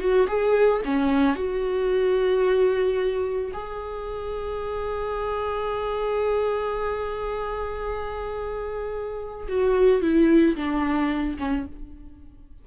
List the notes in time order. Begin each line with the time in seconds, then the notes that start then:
0.00 F#4
0.28 G#4
0.85 C#4
1.36 F#4
3.53 G#4
9.49 F#4
10.02 E4
10.56 D4
11.39 C#4